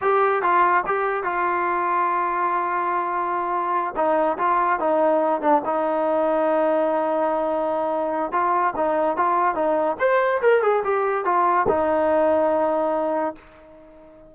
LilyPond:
\new Staff \with { instrumentName = "trombone" } { \time 4/4 \tempo 4 = 144 g'4 f'4 g'4 f'4~ | f'1~ | f'4. dis'4 f'4 dis'8~ | dis'4 d'8 dis'2~ dis'8~ |
dis'1 | f'4 dis'4 f'4 dis'4 | c''4 ais'8 gis'8 g'4 f'4 | dis'1 | }